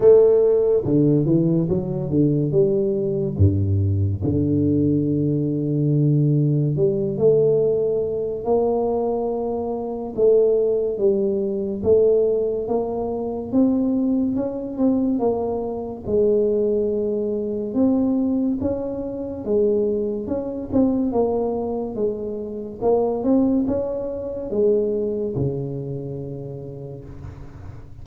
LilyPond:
\new Staff \with { instrumentName = "tuba" } { \time 4/4 \tempo 4 = 71 a4 d8 e8 fis8 d8 g4 | g,4 d2. | g8 a4. ais2 | a4 g4 a4 ais4 |
c'4 cis'8 c'8 ais4 gis4~ | gis4 c'4 cis'4 gis4 | cis'8 c'8 ais4 gis4 ais8 c'8 | cis'4 gis4 cis2 | }